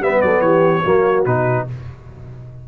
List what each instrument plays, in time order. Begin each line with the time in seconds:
0.00 tuba G3, trombone B3, horn B4, trumpet E5
0.22 tuba F#3, horn A4, trumpet D5
0.41 tuba E3, horn G4, trumpet C#5
0.84 tuba F#3, trombone A#3, horn F#4
1.26 tuba B2, trombone D#4, trumpet B4